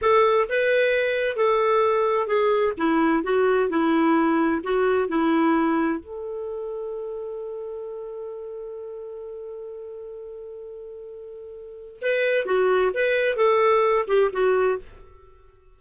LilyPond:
\new Staff \with { instrumentName = "clarinet" } { \time 4/4 \tempo 4 = 130 a'4 b'2 a'4~ | a'4 gis'4 e'4 fis'4 | e'2 fis'4 e'4~ | e'4 a'2.~ |
a'1~ | a'1~ | a'2 b'4 fis'4 | b'4 a'4. g'8 fis'4 | }